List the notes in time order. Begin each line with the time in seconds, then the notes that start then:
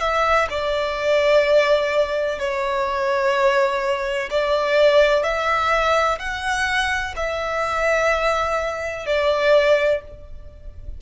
0.00 E5
0.49 D5
2.39 C#5
4.30 D5
5.23 E5
6.19 F#5
7.16 E5
9.06 D5